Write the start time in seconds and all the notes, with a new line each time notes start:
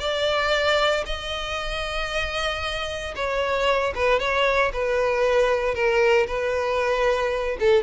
0.00 D5
1.06 D#5
3.16 C#5
3.95 B4
4.20 C#5
4.73 B4
5.75 A#4
6.27 B4
7.60 A4